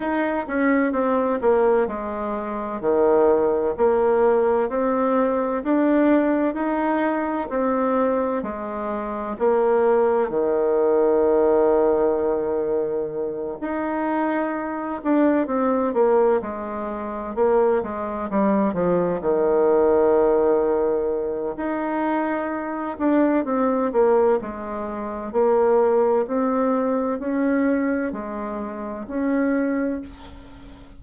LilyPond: \new Staff \with { instrumentName = "bassoon" } { \time 4/4 \tempo 4 = 64 dis'8 cis'8 c'8 ais8 gis4 dis4 | ais4 c'4 d'4 dis'4 | c'4 gis4 ais4 dis4~ | dis2~ dis8 dis'4. |
d'8 c'8 ais8 gis4 ais8 gis8 g8 | f8 dis2~ dis8 dis'4~ | dis'8 d'8 c'8 ais8 gis4 ais4 | c'4 cis'4 gis4 cis'4 | }